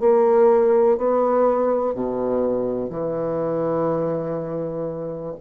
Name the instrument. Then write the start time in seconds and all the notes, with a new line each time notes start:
bassoon
0.00 A#3
0.98 B3
1.94 B2
2.90 E3